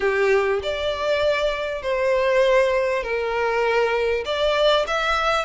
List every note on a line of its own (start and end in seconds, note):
0.00 0.60 G4
0.62 1.82 D5
1.82 3.03 C5
3.03 4.24 A#4
4.25 4.85 D5
4.87 5.45 E5